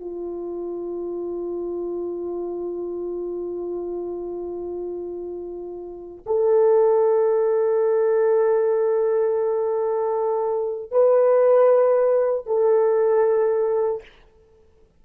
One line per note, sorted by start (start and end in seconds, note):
0.00 6.23 F4
6.26 10.91 A4
10.91 12.46 B4
12.46 14.02 A4